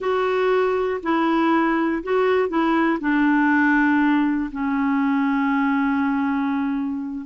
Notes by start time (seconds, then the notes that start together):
0.00 F#4
1.02 E4
2.03 F#4
2.48 E4
3.00 D4
4.51 C#4